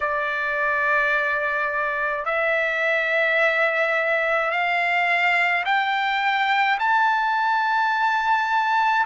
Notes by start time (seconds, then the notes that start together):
0.00 D5
2.25 E5
4.50 F5
5.64 G5
6.79 A5